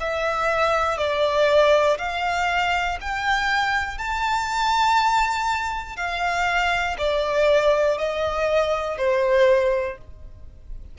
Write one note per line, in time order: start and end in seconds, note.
0.00 0.97 E5
0.97 1.97 D5
1.98 2.98 F5
3.00 3.98 G5
3.98 5.96 A5
5.96 6.96 F5
6.98 7.98 D5
7.98 8.98 D#5
8.98 9.98 C5